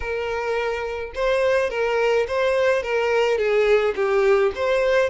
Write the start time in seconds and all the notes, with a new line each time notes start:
0.00 A#4
1.14 C5
1.70 A#4
2.27 C5
2.83 A#4
3.38 G#4
3.95 G4
4.55 C5